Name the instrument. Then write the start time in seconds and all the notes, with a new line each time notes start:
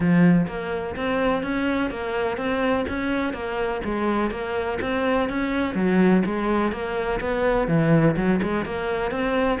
cello
0.00 F3
0.47 A#3
0.96 C4
1.42 C#4
1.90 A#3
2.37 C4
2.88 C#4
3.33 A#3
3.84 G#3
4.30 A#3
4.81 C4
5.29 C#4
5.75 F#3
6.25 G#3
6.72 A#3
7.20 B3
7.67 E3
8.16 F#3
8.42 G#3
8.65 A#3
9.11 C4